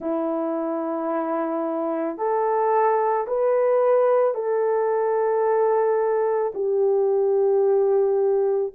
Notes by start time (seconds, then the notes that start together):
0.00 E4
2.17 A4
3.27 B4
4.34 A4
6.54 G4